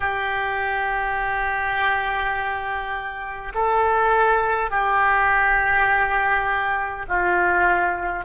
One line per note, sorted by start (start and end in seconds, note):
0.00 3.52 G4
3.54 4.70 A4
4.70 7.05 G4
7.08 8.24 F4